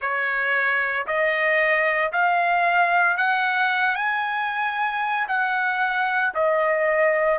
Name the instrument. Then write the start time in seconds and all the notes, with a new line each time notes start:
trumpet
0.00 C#5
1.06 D#5
2.12 F5
3.17 F#5
3.95 G#5
5.28 F#5
6.34 D#5